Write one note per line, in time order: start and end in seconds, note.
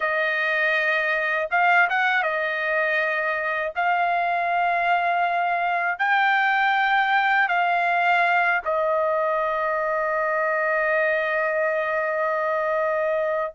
0.00 1.49 D#5
1.50 1.88 F5
1.90 2.23 F#5
2.23 3.73 D#5
3.75 5.98 F5
5.98 7.48 G5
7.48 8.61 F5
8.65 13.52 D#5